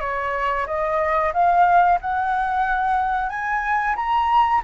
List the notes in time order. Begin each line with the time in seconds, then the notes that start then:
0.00 C#5
0.66 D#5
1.33 F5
2.00 F#5
3.29 G#5
3.95 A#5